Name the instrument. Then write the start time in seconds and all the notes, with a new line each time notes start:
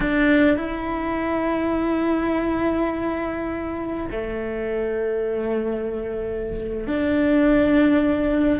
cello
0.00 D4
0.57 E4
4.11 A3
6.87 D4